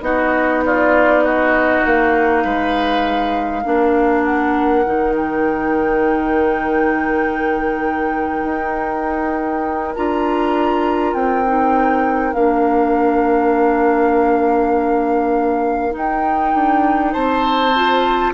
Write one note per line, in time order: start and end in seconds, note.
0.00 1.80 B3
0.00 3.62 D#4
0.00 0.64 F#4
0.00 0.62 D#5
0.65 1.23 F4
0.65 1.25 D5
1.23 2.43 F#4
1.23 1.85 D#5
1.85 2.44 A#3
1.85 4.23 F5
2.44 3.64 G#3
2.44 3.62 B4
3.62 4.85 A#3
3.62 4.84 D4
3.62 17.12 A#4
4.23 5.13 F#5
4.85 8.44 D#3
4.85 9.95 D#4
5.16 9.95 G5
8.44 9.94 D#4
9.95 11.13 D4
9.95 11.45 F4
9.95 11.13 A#5
11.13 12.34 C4
11.13 12.33 G5
11.45 12.34 D#4
12.33 15.94 A#3
12.33 15.90 D4
12.33 15.93 F5
15.90 17.70 D#4
15.90 16.54 D#4
15.96 17.12 G5
16.54 17.14 D4
17.12 18.33 C4
17.12 18.32 C5
17.12 18.32 A5
17.75 18.33 F4